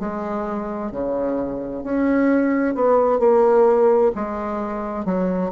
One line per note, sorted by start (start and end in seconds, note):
0.00 0.92 G#3
0.92 1.84 C#3
1.84 2.75 C#4
2.75 3.19 B3
3.19 4.12 A#3
4.15 5.05 G#3
5.05 5.51 F#3